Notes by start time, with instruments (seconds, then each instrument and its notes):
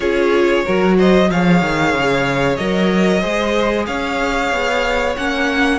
0.00 cello C#4, viola F4, violin G#4 C#5
0.65 cello F#3, viola F#4, violin A#4
0.97 violin C5 D#5
1.29 cello F3, viola G#4, violin C#5 F5
1.61 cello D#3
1.93 cello C#3
2.56 cello F#3, viola A#4, violin D#5
3.20 cello G#3, viola G#4, violin C5
3.86 cello C#4, violin C#5 F5
4.52 cello B3
5.16 cello A#3, viola C#4, violin F#5